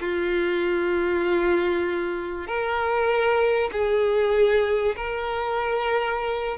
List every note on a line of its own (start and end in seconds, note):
0.00 2.47 F4
2.47 3.70 A#4
3.72 4.95 G#4
4.96 6.58 A#4